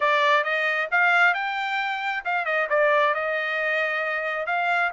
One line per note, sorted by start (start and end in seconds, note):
0.00 0.44 D5
0.44 0.89 D#5
0.91 1.34 F5
1.34 2.23 G5
2.24 2.45 F5
2.45 2.67 D#5
2.69 3.14 D5
3.14 4.46 D#5
4.46 4.91 F5